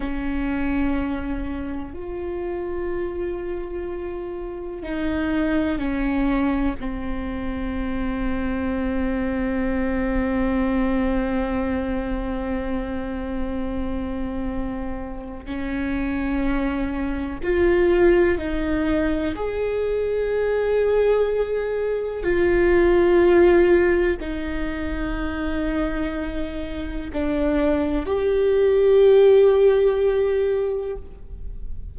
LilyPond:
\new Staff \with { instrumentName = "viola" } { \time 4/4 \tempo 4 = 62 cis'2 f'2~ | f'4 dis'4 cis'4 c'4~ | c'1~ | c'1 |
cis'2 f'4 dis'4 | gis'2. f'4~ | f'4 dis'2. | d'4 g'2. | }